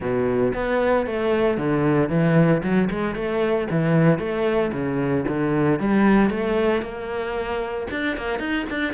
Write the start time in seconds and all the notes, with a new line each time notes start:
0.00 B2
0.54 B3
1.06 A3
1.57 D3
2.09 E3
2.62 F#3
2.90 G#3
3.15 A3
3.70 E3
4.18 A3
4.72 C#3
5.28 D3
5.79 G3
6.30 A3
6.82 A#3
7.91 D4
8.16 A#3
8.39 D#4
8.70 D4